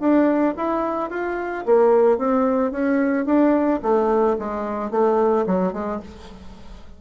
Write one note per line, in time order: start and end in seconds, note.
0.00 0.55 D4
0.57 1.11 E4
1.11 1.65 F4
1.66 2.18 A#3
2.18 2.72 C4
2.72 3.26 C#4
3.26 3.81 D4
3.83 4.37 A3
4.39 4.91 G#3
4.91 5.46 A3
5.47 5.73 F#3
5.73 6.00 G#3